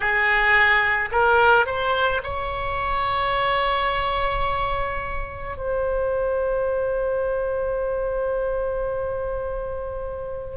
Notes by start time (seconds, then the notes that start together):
0.00 G#4
1.11 A#4
1.66 C5
2.23 C#5
5.57 C5